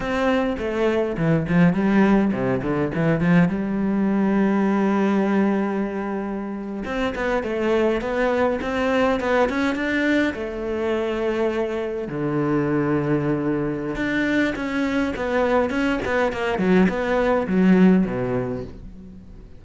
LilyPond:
\new Staff \with { instrumentName = "cello" } { \time 4/4 \tempo 4 = 103 c'4 a4 e8 f8 g4 | c8 d8 e8 f8 g2~ | g2.~ g8. c'16~ | c'16 b8 a4 b4 c'4 b16~ |
b16 cis'8 d'4 a2~ a16~ | a8. d2.~ d16 | d'4 cis'4 b4 cis'8 b8 | ais8 fis8 b4 fis4 b,4 | }